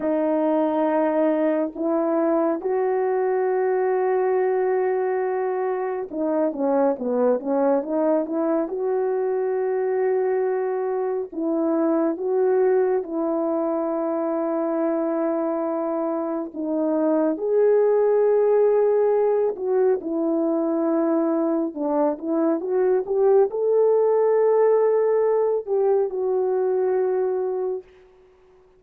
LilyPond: \new Staff \with { instrumentName = "horn" } { \time 4/4 \tempo 4 = 69 dis'2 e'4 fis'4~ | fis'2. dis'8 cis'8 | b8 cis'8 dis'8 e'8 fis'2~ | fis'4 e'4 fis'4 e'4~ |
e'2. dis'4 | gis'2~ gis'8 fis'8 e'4~ | e'4 d'8 e'8 fis'8 g'8 a'4~ | a'4. g'8 fis'2 | }